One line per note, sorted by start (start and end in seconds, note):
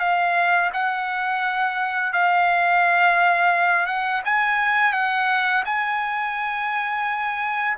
0.00 0.71 F5
0.73 2.13 F#5
2.13 3.87 F5
3.87 4.22 F#5
4.25 4.93 G#5
4.93 5.64 F#5
5.66 7.77 G#5